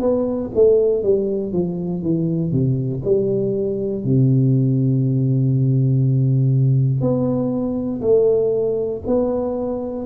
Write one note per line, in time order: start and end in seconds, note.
0.00 0.50 B3
0.54 1.03 A3
1.03 1.52 G3
1.52 2.02 F3
2.02 2.52 E3
2.52 3.02 C3
3.05 4.04 G3
4.04 7.01 C3
7.01 8.01 B3
8.01 9.01 A3
9.06 10.05 B3